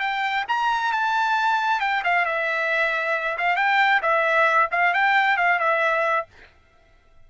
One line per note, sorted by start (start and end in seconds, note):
0.00 0.45 G5
0.48 0.92 A#5
0.92 1.81 A5
1.81 2.03 G5
2.04 2.26 F5
2.26 3.37 E5
3.38 3.56 F5
3.56 4.01 G5
4.02 4.70 E5
4.72 4.94 F5
4.94 5.37 G5
5.37 5.59 F5
5.59 6.27 E5